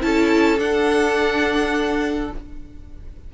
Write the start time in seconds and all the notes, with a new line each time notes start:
0.00 C#4 E4 A4 A5
0.58 D4 F#5